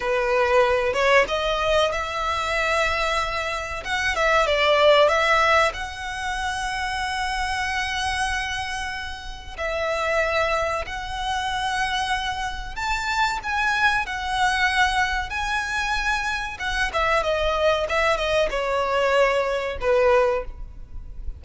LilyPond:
\new Staff \with { instrumentName = "violin" } { \time 4/4 \tempo 4 = 94 b'4. cis''8 dis''4 e''4~ | e''2 fis''8 e''8 d''4 | e''4 fis''2.~ | fis''2. e''4~ |
e''4 fis''2. | a''4 gis''4 fis''2 | gis''2 fis''8 e''8 dis''4 | e''8 dis''8 cis''2 b'4 | }